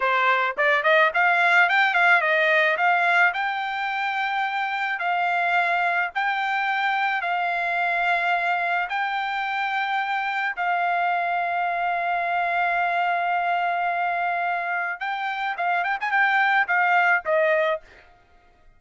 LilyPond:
\new Staff \with { instrumentName = "trumpet" } { \time 4/4 \tempo 4 = 108 c''4 d''8 dis''8 f''4 g''8 f''8 | dis''4 f''4 g''2~ | g''4 f''2 g''4~ | g''4 f''2. |
g''2. f''4~ | f''1~ | f''2. g''4 | f''8 g''16 gis''16 g''4 f''4 dis''4 | }